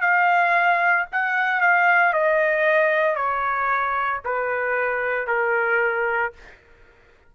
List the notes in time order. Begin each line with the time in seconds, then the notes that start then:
0.00 F5
1.11 F#5
1.60 F5
2.13 D#5
3.15 C#5
4.24 B4
5.27 A#4